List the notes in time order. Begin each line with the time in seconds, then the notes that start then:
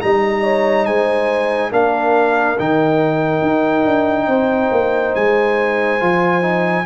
0.00 G3 D#4 D#5 A#5
0.43 C#5
0.86 G#3 C5 G#5
1.71 A#3 D4 A#4 F5
2.59 D#3 D#4 G5
3.42 D#4
3.85 D4
4.27 C4 C5
4.72 A#3
5.15 G#3 G#5
6.00 F3 F4
6.41 D#4